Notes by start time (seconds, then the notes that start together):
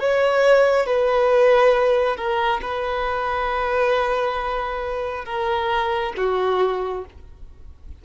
0.00 C#5
0.87 B4
2.17 A#4
2.62 B4
5.25 A#4
6.17 F#4